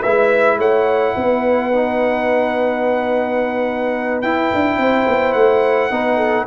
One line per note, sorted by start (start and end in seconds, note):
0.00 0.58 G#3
0.00 1.73 E4
0.00 0.56 B4
0.00 0.58 E5
0.58 1.14 A3
0.58 1.14 C#5
0.58 4.21 F#5
1.15 4.23 B3
1.15 4.79 B4
1.73 4.24 D#4
4.21 4.51 E4
4.21 5.91 E4
4.21 5.33 G5
4.54 4.77 D4
4.77 5.05 C4
4.77 5.91 C5
5.07 5.34 B3
5.33 5.90 A3
5.33 6.45 F#5
5.90 6.46 B3
5.90 6.46 D#4
5.90 6.16 B4
6.16 6.44 A4